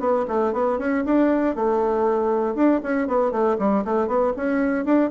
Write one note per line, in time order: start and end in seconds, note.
0.00 0.25 B3
0.28 0.53 A3
0.53 0.79 B3
0.79 1.04 C#4
1.05 1.56 D4
1.56 2.55 A3
2.55 2.81 D4
2.83 3.08 C#4
3.08 3.31 B3
3.31 3.57 A3
3.59 3.84 G3
3.85 4.07 A3
4.07 4.33 B3
4.37 4.85 C#4
4.85 5.11 D4